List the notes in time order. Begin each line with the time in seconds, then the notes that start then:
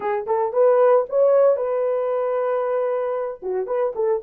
0.00 G#4
0.26 A4
0.52 B4
1.09 C#5
1.56 B4
3.42 F#4
3.66 B4
3.95 A4